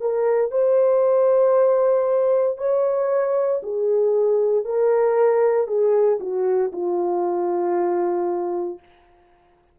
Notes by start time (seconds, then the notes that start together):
0.00 A#4
0.51 C5
2.57 C#5
3.63 G#4
4.65 A#4
5.67 G#4
6.20 F#4
6.72 F4